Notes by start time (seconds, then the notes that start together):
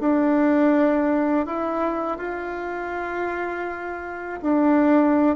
0.00 D4
1.46 E4
2.18 F4
4.42 D4